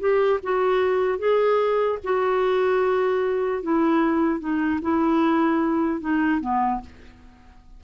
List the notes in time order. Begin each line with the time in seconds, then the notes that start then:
0.00 G4
0.43 F#4
1.19 G#4
2.04 F#4
3.63 E4
4.40 D#4
4.82 E4
6.01 D#4
6.41 B3